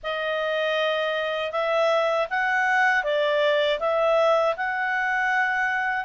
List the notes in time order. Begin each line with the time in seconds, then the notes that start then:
0.03 D#5
1.51 E5
2.30 F#5
3.03 D5
3.79 E5
4.56 F#5